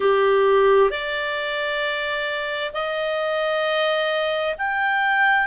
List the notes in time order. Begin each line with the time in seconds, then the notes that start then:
0.00 G4
0.90 D5
2.73 D#5
4.57 G5